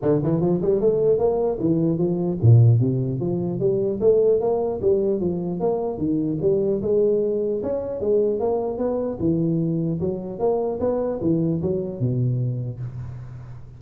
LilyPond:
\new Staff \with { instrumentName = "tuba" } { \time 4/4 \tempo 4 = 150 d8 e8 f8 g8 a4 ais4 | e4 f4 ais,4 c4 | f4 g4 a4 ais4 | g4 f4 ais4 dis4 |
g4 gis2 cis'4 | gis4 ais4 b4 e4~ | e4 fis4 ais4 b4 | e4 fis4 b,2 | }